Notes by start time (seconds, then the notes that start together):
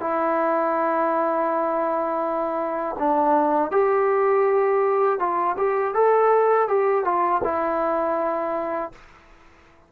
0.00 E4
2.99 D4
3.71 G4
5.19 F4
5.58 G4
5.95 A4
6.68 G4
7.04 F4
7.44 E4